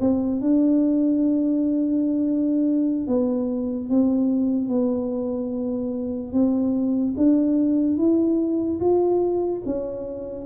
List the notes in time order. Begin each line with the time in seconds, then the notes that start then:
0.00 C4
0.41 D4
3.07 B3
3.89 C4
4.68 B3
6.32 C4
7.17 D4
7.97 E4
8.80 F4
9.65 C#4